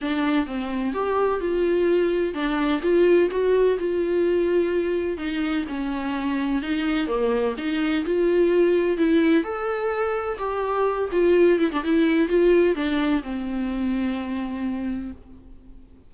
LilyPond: \new Staff \with { instrumentName = "viola" } { \time 4/4 \tempo 4 = 127 d'4 c'4 g'4 f'4~ | f'4 d'4 f'4 fis'4 | f'2. dis'4 | cis'2 dis'4 ais4 |
dis'4 f'2 e'4 | a'2 g'4. f'8~ | f'8 e'16 d'16 e'4 f'4 d'4 | c'1 | }